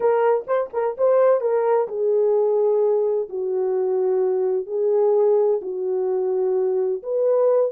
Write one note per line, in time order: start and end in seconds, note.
0.00 0.45 A#4
0.47 0.70 C5
0.73 0.96 A#4
0.97 1.40 C5
1.40 1.87 A#4
1.88 3.28 G#4
3.29 4.66 F#4
4.66 5.60 G#4
5.61 7.02 F#4
7.02 7.71 B4